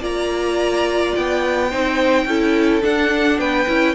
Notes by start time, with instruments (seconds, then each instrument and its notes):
0.00 cello A#3, viola F4, violin D5 A#5
1.15 cello B3, violin G5
1.69 cello C4, viola D#4, violin C5
2.25 cello C#4, viola E4, violin A4
2.82 viola D4, cello D4, violin F#5
3.39 cello B3, violin B4 G5
3.67 cello C#4, viola E4